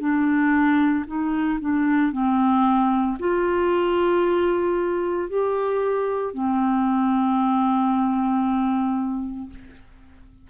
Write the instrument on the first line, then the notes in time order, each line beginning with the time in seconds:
clarinet
0.00 D4
1.07 D#4
1.61 D4
2.12 C4
3.20 F4
5.29 G4
6.34 C4